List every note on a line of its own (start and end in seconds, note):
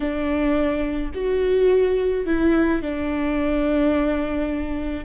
0.00 1.11 D4
1.14 2.26 F#4
2.26 2.82 E4
2.82 5.04 D4